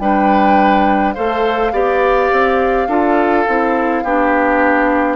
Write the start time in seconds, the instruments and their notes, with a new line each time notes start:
0.00 bassoon G3, clarinet D4, oboe B4, flute G5
1.13 bassoon A3, clarinet A4, oboe C5, flute F5
1.73 bassoon B3, clarinet G4, oboe D5
2.32 bassoon C4
2.88 bassoon D4, clarinet F4, oboe A4
3.48 bassoon C4, clarinet E4
4.04 bassoon B3, clarinet D4, oboe G4